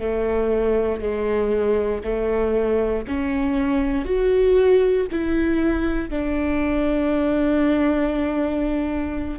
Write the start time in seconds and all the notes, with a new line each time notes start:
0.00 A3
1.01 G#3
2.04 A3
3.07 C#4
4.05 F#4
5.11 E4
6.10 D4